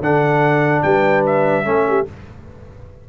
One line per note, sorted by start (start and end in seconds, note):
0.00 0.82 D3
0.00 1.64 D4
0.00 0.83 A4
0.00 0.82 F#5
0.82 1.65 G3
0.82 1.65 B4
0.82 1.23 G5
1.26 2.08 E5
1.64 2.06 A3
1.64 2.05 C#4
1.64 1.86 A4
1.88 2.09 G4